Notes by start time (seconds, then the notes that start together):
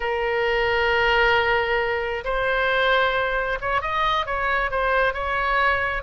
0.00 A#4
2.24 C5
3.60 C#5
3.81 D#5
4.26 C#5
4.71 C5
5.13 C#5